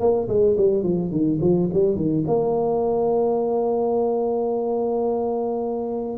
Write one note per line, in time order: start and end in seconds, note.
0.00 0.28 A#3
0.29 0.57 G#3
0.57 0.83 G3
0.83 1.11 F3
1.11 1.39 D#3
1.41 1.69 F3
1.73 1.96 G3
1.96 2.24 D#3
2.27 6.18 A#3